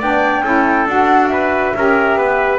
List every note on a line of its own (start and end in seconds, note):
0.00 0.43 B3
0.00 0.45 D4
0.00 0.43 D5
0.00 0.89 G5
0.43 0.86 C#4
0.43 0.88 E4
0.43 1.32 A4
0.86 1.73 D4
0.86 1.75 F#4
0.86 1.28 F#5
1.28 1.76 B4
1.28 2.59 E5
1.76 2.17 C#4
1.76 2.60 G4
1.76 2.18 A#4
2.17 2.60 B3
2.17 2.60 B4